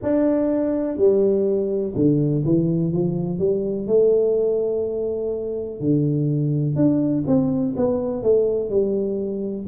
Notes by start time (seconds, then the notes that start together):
0.02 D4
0.97 G3
1.95 D3
2.45 E3
2.92 F3
3.39 G3
3.87 A3
5.79 D3
6.75 D4
7.26 C4
7.76 B3
8.23 A3
8.69 G3